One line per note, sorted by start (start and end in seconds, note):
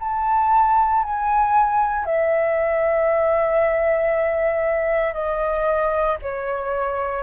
0.00 1.03 A5
1.03 2.05 G#5
2.05 5.14 E5
5.14 6.17 D#5
6.22 7.23 C#5